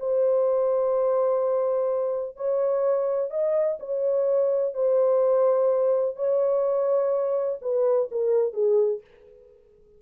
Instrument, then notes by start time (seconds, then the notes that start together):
horn
0.00 C5
2.37 C#5
3.31 D#5
3.80 C#5
4.74 C5
6.16 C#5
7.62 B4
8.11 A#4
8.53 G#4